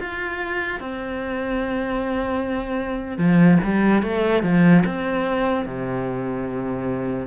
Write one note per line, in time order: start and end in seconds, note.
0.00 0.80 F4
0.80 3.18 C4
3.18 3.59 F3
3.64 4.03 G3
4.03 4.43 A3
4.43 4.84 F3
4.86 5.66 C4
5.66 7.27 C3